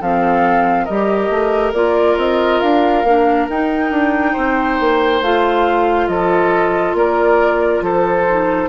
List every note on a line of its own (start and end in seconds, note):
0.00 0.88 F3
0.00 0.89 C4
0.00 0.84 A4
0.00 0.85 F5
0.84 1.29 G3
0.84 1.74 G4
0.84 4.32 A#4
0.84 1.72 D#5
1.29 1.72 A3
1.73 2.16 A#3
1.73 3.05 F4
1.73 2.17 D5
2.17 2.60 C4
2.17 2.60 D#5
2.60 3.04 D4
2.60 3.47 F5
3.04 3.47 A#3
3.04 3.49 D4
3.49 3.90 D#4
3.49 5.23 D#4
3.49 5.23 G5
3.90 4.34 D4
4.32 4.80 C4
4.32 6.06 C5
4.80 5.21 A#3
5.21 6.08 A3
5.21 8.27 F4
5.21 6.07 F5
6.07 6.93 F3
6.07 6.97 A4
6.07 6.94 D#5
6.93 7.80 A#3
6.93 7.84 A#4
6.93 7.83 D5
7.81 8.68 F3
7.81 8.68 A4
7.81 8.68 C5
8.28 8.68 D#4